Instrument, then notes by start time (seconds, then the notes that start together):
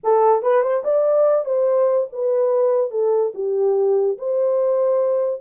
horn
0.03 A4
0.42 B4
0.62 C5
0.84 D5
1.45 C5
2.12 B4
2.91 A4
3.34 G4
4.18 C5